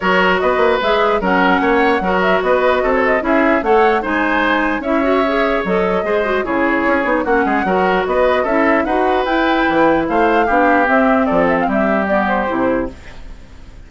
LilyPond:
<<
  \new Staff \with { instrumentName = "flute" } { \time 4/4 \tempo 4 = 149 cis''4 dis''4 e''4 fis''4~ | fis''4. e''8 dis''4~ dis''16 cis''16 dis''8 | e''4 fis''4 gis''2 | e''2 dis''2 |
cis''2 fis''2 | dis''4 e''4 fis''4 g''4~ | g''4 f''2 e''4 | d''8 e''16 f''16 e''4 d''8 c''4. | }
  \new Staff \with { instrumentName = "oboe" } { \time 4/4 ais'4 b'2 ais'4 | cis''4 ais'4 b'4 a'4 | gis'4 cis''4 c''2 | cis''2. c''4 |
gis'2 fis'8 gis'8 ais'4 | b'4 a'4 b'2~ | b'4 c''4 g'2 | a'4 g'2. | }
  \new Staff \with { instrumentName = "clarinet" } { \time 4/4 fis'2 gis'4 cis'4~ | cis'4 fis'2. | e'4 a'4 dis'2 | e'8 fis'8 gis'4 a'4 gis'8 fis'8 |
e'4. dis'8 cis'4 fis'4~ | fis'4 e'4 fis'4 e'4~ | e'2 d'4 c'4~ | c'2 b4 e'4 | }
  \new Staff \with { instrumentName = "bassoon" } { \time 4/4 fis4 b8 ais8 gis4 fis4 | ais4 fis4 b4 c'4 | cis'4 a4 gis2 | cis'2 fis4 gis4 |
cis4 cis'8 b8 ais8 gis8 fis4 | b4 cis'4 dis'4 e'4 | e4 a4 b4 c'4 | f4 g2 c4 | }
>>